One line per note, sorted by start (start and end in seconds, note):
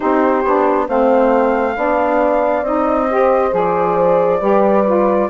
0.00 0.44 C4
0.00 0.43 D#4
0.00 0.86 G4
0.00 0.86 C5
0.44 0.88 B3
0.44 0.88 D4
0.88 1.76 A3
0.88 1.76 C4
0.88 1.76 C5
0.88 2.65 F5
1.76 2.62 B3
1.76 2.64 D4
1.76 3.08 D5
2.62 3.50 C4
2.62 3.09 D#4
2.62 3.53 D#5
3.08 3.50 G4
3.08 4.40 C5
3.50 4.41 F3
3.50 4.39 G#4
3.50 5.30 D5
4.40 5.29 G3
4.40 4.84 G4
4.40 5.28 B4
4.85 5.29 F4